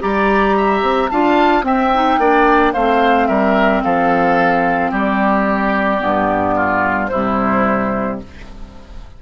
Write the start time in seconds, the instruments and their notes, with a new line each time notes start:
0.00 bassoon G3, clarinet G4, oboe D5, flute A#5
0.57 oboe E5
0.82 bassoon C4
1.09 bassoon D4, clarinet F4, oboe F5, flute A5
1.63 bassoon C4, clarinet C4, oboe E5, flute G5
1.95 clarinet D#4
2.18 bassoon A#3, clarinet D4, oboe D5
2.73 bassoon A3, clarinet C4, oboe C5, flute F5
3.27 bassoon G3, oboe A#4, flute E5
3.83 bassoon F3, oboe A4, flute F5
4.91 bassoon G3, oboe G4, flute D5
5.99 bassoon G2, clarinet B3
6.56 oboe F4
7.08 bassoon C3, clarinet G3, oboe E4, flute C5